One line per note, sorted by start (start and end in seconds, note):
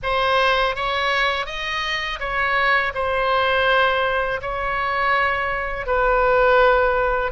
0.02 0.75 C5
0.75 1.46 C#5
1.46 2.19 D#5
2.19 2.92 C#5
2.94 4.40 C5
4.41 5.86 C#5
5.86 7.31 B4